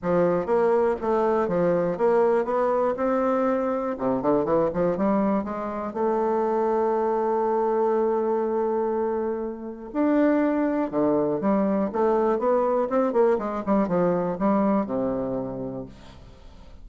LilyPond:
\new Staff \with { instrumentName = "bassoon" } { \time 4/4 \tempo 4 = 121 f4 ais4 a4 f4 | ais4 b4 c'2 | c8 d8 e8 f8 g4 gis4 | a1~ |
a1 | d'2 d4 g4 | a4 b4 c'8 ais8 gis8 g8 | f4 g4 c2 | }